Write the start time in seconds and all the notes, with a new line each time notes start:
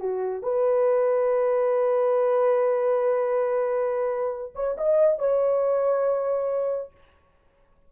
0.00 F#4
0.43 B4
4.55 C#5
4.77 D#5
5.19 C#5